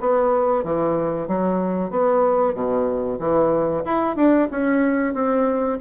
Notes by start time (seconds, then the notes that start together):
0.00 B3
0.64 E3
1.28 F#3
1.90 B3
2.54 B2
3.19 E3
3.85 E4
4.16 D4
4.51 C#4
5.14 C4